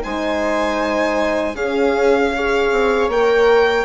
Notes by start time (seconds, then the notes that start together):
0.00 G#3 D#4 C5 G#5
1.54 C#4 G#4 F5
2.35 G#4 C#5
2.71 C4
3.08 A#3 A#4 G5